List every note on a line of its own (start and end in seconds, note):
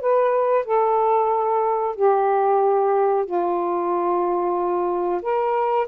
0.00 0.65 B4
0.65 1.95 A4
1.95 3.25 G4
3.25 5.21 F4
5.22 5.87 A#4